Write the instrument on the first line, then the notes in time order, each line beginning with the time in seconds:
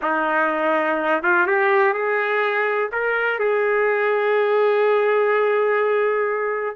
trumpet
0.02 D#4
1.23 F4
1.46 G4
1.93 G#4
2.91 A#4
3.39 G#4